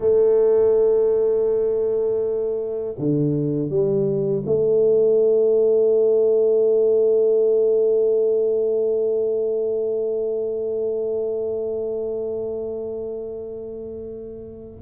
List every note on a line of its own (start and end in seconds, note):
0.00 2.95 A3
2.98 3.69 D3
3.69 4.43 G3
4.45 14.81 A3